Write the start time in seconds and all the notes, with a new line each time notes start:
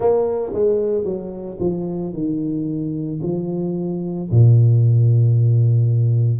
0.00 A#3
0.53 G#3
1.04 F#3
1.59 F3
2.13 D#3
3.22 F3
4.31 A#2